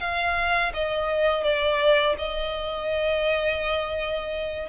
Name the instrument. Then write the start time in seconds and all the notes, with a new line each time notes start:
violin
0.00 F5
0.74 D#5
1.44 D5
2.18 D#5